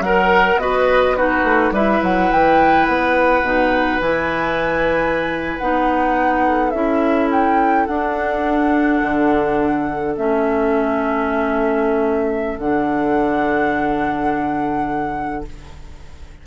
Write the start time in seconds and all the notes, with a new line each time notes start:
0.00 F#3 A#4 F#5
0.57 B3 F#4 B4 D#5
1.16 D#4 F#4 B4
1.44 A3
1.71 G3 E4 B4 E5
2.02 F#3 F#5
2.32 E3 G5
2.86 B3 F#5
3.42 B2 D#4
4.00 E3 E4 G#5
5.58 B3 D#4 F#5
6.45 A4
6.71 C#4 E4 E5
7.32 G5
7.86 D4 F#5
9.02 D3
10.16 A3 C#4 E5
12.58 D3 D4 F#5